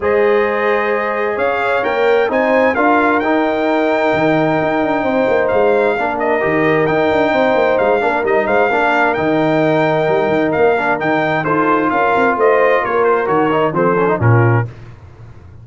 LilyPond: <<
  \new Staff \with { instrumentName = "trumpet" } { \time 4/4 \tempo 4 = 131 dis''2. f''4 | g''4 gis''4 f''4 g''4~ | g''1 | f''4. dis''4. g''4~ |
g''4 f''4 dis''8 f''4. | g''2. f''4 | g''4 c''4 f''4 dis''4 | cis''8 c''8 cis''4 c''4 ais'4 | }
  \new Staff \with { instrumentName = "horn" } { \time 4/4 c''2. cis''4~ | cis''4 c''4 ais'2~ | ais'2. c''4~ | c''4 ais'2. |
c''4. ais'4 c''8 ais'4~ | ais'1~ | ais'4 a'4 ais'4 c''4 | ais'2 a'4 f'4 | }
  \new Staff \with { instrumentName = "trombone" } { \time 4/4 gis'1 | ais'4 dis'4 f'4 dis'4~ | dis'1~ | dis'4 d'4 g'4 dis'4~ |
dis'4. d'8 dis'4 d'4 | dis'2.~ dis'8 d'8 | dis'4 f'2.~ | f'4 fis'8 dis'8 c'8 cis'16 dis'16 cis'4 | }
  \new Staff \with { instrumentName = "tuba" } { \time 4/4 gis2. cis'4 | ais4 c'4 d'4 dis'4~ | dis'4 dis4 dis'8 d'8 c'8 ais8 | gis4 ais4 dis4 dis'8 d'8 |
c'8 ais8 gis8 ais8 g8 gis8 ais4 | dis2 g8 dis8 ais4 | dis4 dis'4 cis'8 c'8 a4 | ais4 dis4 f4 ais,4 | }
>>